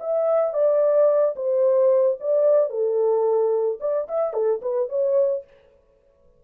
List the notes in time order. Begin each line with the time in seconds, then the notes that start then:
0.00 E5
0.54 D5
1.36 C5
2.20 D5
2.70 A4
3.80 D5
4.09 E5
4.33 A4
4.62 B4
4.89 C#5